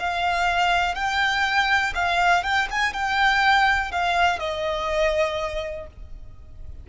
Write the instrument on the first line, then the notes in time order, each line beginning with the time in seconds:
violin
0.00 F5
0.95 G5
1.95 F5
2.44 G5
2.71 G#5
2.93 G5
3.92 F5
4.40 D#5